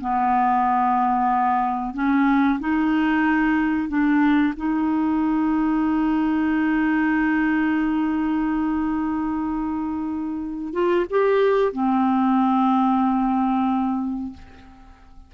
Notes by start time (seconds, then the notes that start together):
0.00 B3
1.94 C#4
2.59 D#4
3.88 D4
4.56 D#4
10.73 F4
11.10 G4
11.72 C4